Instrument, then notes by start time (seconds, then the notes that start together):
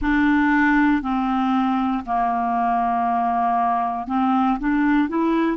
clarinet
0.01 D4
1.02 C4
2.06 A#3
4.07 C4
4.59 D4
5.08 E4